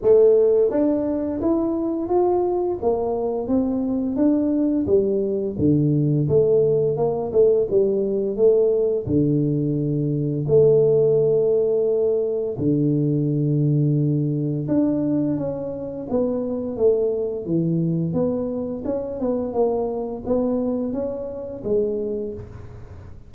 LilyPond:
\new Staff \with { instrumentName = "tuba" } { \time 4/4 \tempo 4 = 86 a4 d'4 e'4 f'4 | ais4 c'4 d'4 g4 | d4 a4 ais8 a8 g4 | a4 d2 a4~ |
a2 d2~ | d4 d'4 cis'4 b4 | a4 e4 b4 cis'8 b8 | ais4 b4 cis'4 gis4 | }